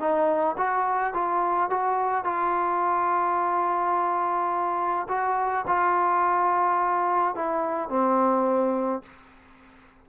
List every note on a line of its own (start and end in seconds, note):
0.00 0.57 D#4
0.58 1.14 F#4
1.14 1.71 F4
1.71 2.25 F#4
2.25 5.08 F4
5.09 5.66 F#4
5.68 7.36 F4
7.36 7.90 E4
7.90 9.03 C4